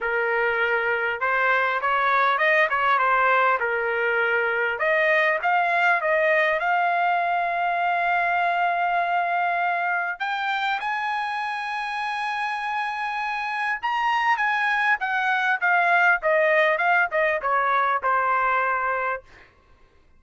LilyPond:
\new Staff \with { instrumentName = "trumpet" } { \time 4/4 \tempo 4 = 100 ais'2 c''4 cis''4 | dis''8 cis''8 c''4 ais'2 | dis''4 f''4 dis''4 f''4~ | f''1~ |
f''4 g''4 gis''2~ | gis''2. ais''4 | gis''4 fis''4 f''4 dis''4 | f''8 dis''8 cis''4 c''2 | }